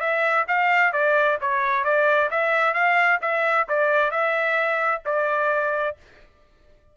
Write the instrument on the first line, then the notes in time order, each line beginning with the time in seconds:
trumpet
0.00 E5
0.48 F5
0.93 D5
1.41 C#5
1.84 D5
2.30 E5
2.74 F5
3.21 E5
3.68 D5
4.11 E5
5.05 D5